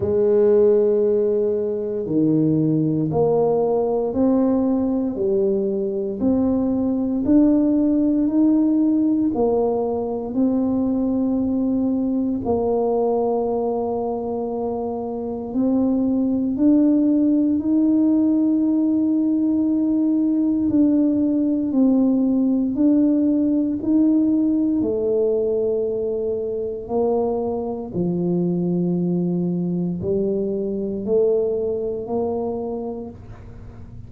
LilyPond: \new Staff \with { instrumentName = "tuba" } { \time 4/4 \tempo 4 = 58 gis2 dis4 ais4 | c'4 g4 c'4 d'4 | dis'4 ais4 c'2 | ais2. c'4 |
d'4 dis'2. | d'4 c'4 d'4 dis'4 | a2 ais4 f4~ | f4 g4 a4 ais4 | }